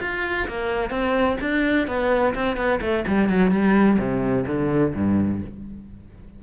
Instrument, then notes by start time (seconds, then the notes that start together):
cello
0.00 F4
0.48 A#3
0.90 C4
1.40 D4
1.87 B3
2.34 C4
2.56 B3
2.81 A3
3.07 G3
3.29 F#3
3.51 G3
3.98 C3
4.47 D3
4.94 G2